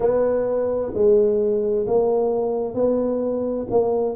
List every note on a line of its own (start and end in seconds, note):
0.00 0.92 B3
0.94 1.86 G#3
1.86 2.74 A#3
2.74 3.66 B3
3.70 4.15 A#3